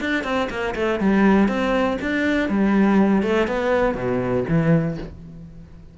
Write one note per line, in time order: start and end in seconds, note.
0.00 0.24 D4
0.24 0.48 C4
0.50 0.74 A#3
0.75 0.99 A3
1.00 1.48 G3
1.48 1.98 C4
2.01 2.49 D4
2.49 3.22 G3
3.22 3.47 A3
3.47 3.94 B3
3.94 4.44 B2
4.48 4.98 E3